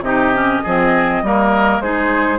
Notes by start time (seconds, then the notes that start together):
0.00 C3 D#4 G4 D#5
0.34 C#4
0.62 F3 C4 G#4
1.22 G3 A#3 A#4
1.79 G#3 D#4 G#4 C5